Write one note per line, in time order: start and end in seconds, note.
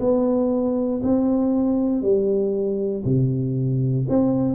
0.00 1.02 B3
1.04 2.02 C4
2.02 3.04 G3
3.05 4.07 C3
4.09 4.55 C4